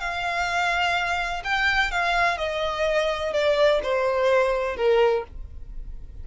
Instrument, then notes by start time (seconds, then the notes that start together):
violin
0.00 F5
1.44 G5
1.91 F5
2.38 D#5
3.33 D5
3.83 C5
4.76 A#4